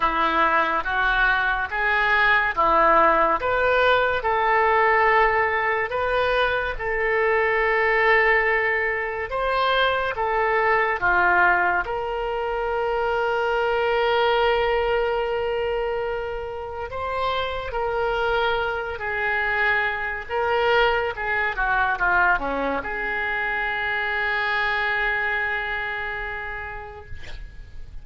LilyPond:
\new Staff \with { instrumentName = "oboe" } { \time 4/4 \tempo 4 = 71 e'4 fis'4 gis'4 e'4 | b'4 a'2 b'4 | a'2. c''4 | a'4 f'4 ais'2~ |
ais'1 | c''4 ais'4. gis'4. | ais'4 gis'8 fis'8 f'8 cis'8 gis'4~ | gis'1 | }